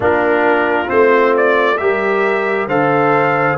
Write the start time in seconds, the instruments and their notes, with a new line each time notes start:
0.00 tuba A#3, trombone D4, horn F4, trumpet A#4
0.86 tuba A3, trombone C4, trumpet C5
1.37 trumpet D5
1.77 tuba G3, trombone G4, horn A#4, trumpet E5
2.67 tuba D3, trombone A4, horn C5, trumpet F5